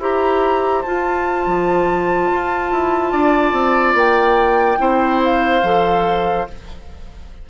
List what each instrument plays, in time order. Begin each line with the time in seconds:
0.00 bassoon E4, clarinet G4, oboe C5, flute A#5
0.82 clarinet F4, bassoon F4, flute A5
1.47 bassoon F3
2.32 bassoon F4
2.72 bassoon E4
3.12 bassoon D4, oboe D5
3.53 bassoon C4
3.95 bassoon A#3, flute G5
4.78 bassoon C4, clarinet E4, oboe C5
5.25 flute F5
5.64 bassoon F3, clarinet A4